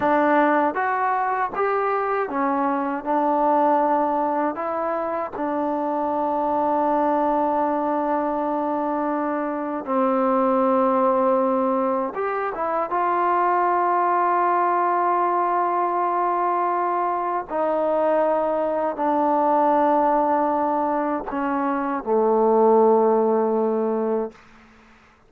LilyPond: \new Staff \with { instrumentName = "trombone" } { \time 4/4 \tempo 4 = 79 d'4 fis'4 g'4 cis'4 | d'2 e'4 d'4~ | d'1~ | d'4 c'2. |
g'8 e'8 f'2.~ | f'2. dis'4~ | dis'4 d'2. | cis'4 a2. | }